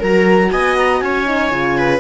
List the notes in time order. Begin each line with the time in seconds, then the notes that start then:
0.00 F#3 F#4 A#4 A#5
0.52 B3 D#5 G#5
0.77 A#5
1.00 C#4 C#5 G#5
1.26 D#4
1.51 C#3 F4
1.78 B4